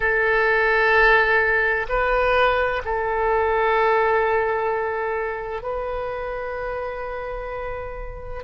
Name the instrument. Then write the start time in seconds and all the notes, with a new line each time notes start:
oboe
0.00 A4
1.88 B4
2.84 A4
5.62 B4